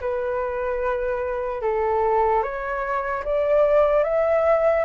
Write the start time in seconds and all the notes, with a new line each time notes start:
0.00 B4
1.61 A4
2.42 C#5
3.24 D5
4.03 E5